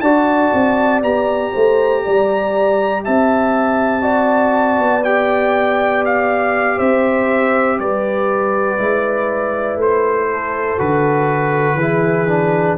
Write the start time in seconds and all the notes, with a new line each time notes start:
0.00 D4 F#4 D5 A5
0.53 C4
1.02 B3 G4 A#5
1.52 A3 C5
2.05 G3 D5
3.04 C4 E5 A5
4.01 F#4 D5
4.78 B3
5.04 G4 G5
6.05 F5
6.77 C4 C5 E5
7.79 G3 B4 D5
8.78 G#3 E4
9.76 A3 C5
10.30 A4
10.78 D3 F#4 B4
11.74 E3 G#4
11.81 E4
12.28 D4